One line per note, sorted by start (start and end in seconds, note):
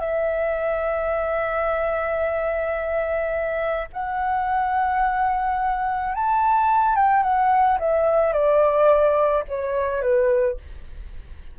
0.00 3.89 E5
3.93 6.15 F#5
6.15 6.96 A5
6.96 7.23 G5
7.23 7.79 F#5
7.80 8.33 E5
8.33 9.44 D5
9.48 10.02 C#5
10.02 10.57 B4